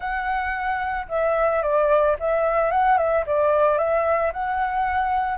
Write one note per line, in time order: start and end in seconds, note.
0.00 1.07 F#5
1.08 1.62 E5
1.62 2.16 D5
2.19 2.71 E5
2.71 2.97 F#5
2.97 3.24 E5
3.26 3.77 D5
3.77 4.31 E5
4.32 5.38 F#5